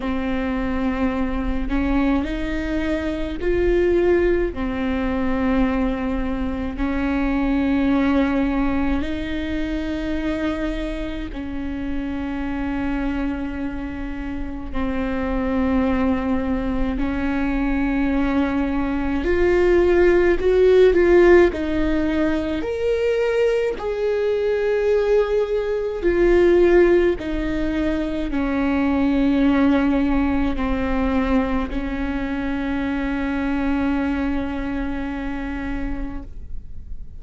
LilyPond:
\new Staff \with { instrumentName = "viola" } { \time 4/4 \tempo 4 = 53 c'4. cis'8 dis'4 f'4 | c'2 cis'2 | dis'2 cis'2~ | cis'4 c'2 cis'4~ |
cis'4 f'4 fis'8 f'8 dis'4 | ais'4 gis'2 f'4 | dis'4 cis'2 c'4 | cis'1 | }